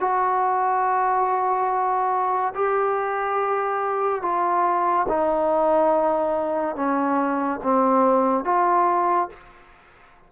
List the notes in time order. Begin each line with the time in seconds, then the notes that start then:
0.00 F#4
2.55 G4
4.22 F4
5.09 D#4
6.76 C#4
7.63 C4
8.45 F4